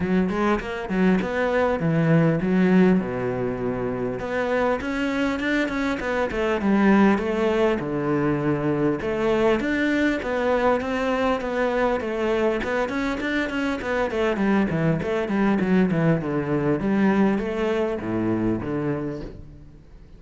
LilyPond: \new Staff \with { instrumentName = "cello" } { \time 4/4 \tempo 4 = 100 fis8 gis8 ais8 fis8 b4 e4 | fis4 b,2 b4 | cis'4 d'8 cis'8 b8 a8 g4 | a4 d2 a4 |
d'4 b4 c'4 b4 | a4 b8 cis'8 d'8 cis'8 b8 a8 | g8 e8 a8 g8 fis8 e8 d4 | g4 a4 a,4 d4 | }